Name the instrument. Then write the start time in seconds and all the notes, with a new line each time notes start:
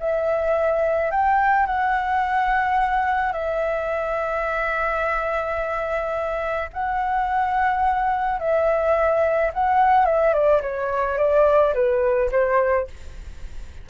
flute
0.00 E5
1.11 G5
1.66 F#5
3.33 E5
6.73 F#5
8.40 E5
9.54 F#5
10.06 E5
10.34 D5
10.62 C#5
11.18 D5
11.75 B4
12.32 C5